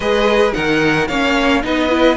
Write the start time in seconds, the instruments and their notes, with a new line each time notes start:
0.00 cello G#3, viola G#4, violin B4 D#5
0.52 cello D#3, viola D#4, violin A#4 F#5
1.07 cello A#3, viola C#4, violin C#5 F5
1.62 cello B3, viola D#4, violin B4 D#5
1.89 viola E4